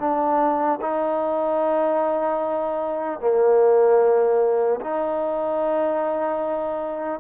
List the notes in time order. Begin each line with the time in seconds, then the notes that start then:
0.00 D4
0.81 D#4
3.20 A#3
4.81 D#4